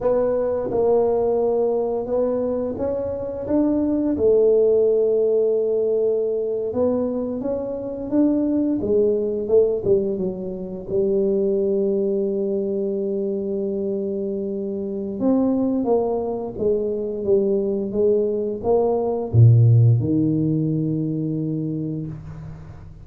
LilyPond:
\new Staff \with { instrumentName = "tuba" } { \time 4/4 \tempo 4 = 87 b4 ais2 b4 | cis'4 d'4 a2~ | a4.~ a16 b4 cis'4 d'16~ | d'8. gis4 a8 g8 fis4 g16~ |
g1~ | g2 c'4 ais4 | gis4 g4 gis4 ais4 | ais,4 dis2. | }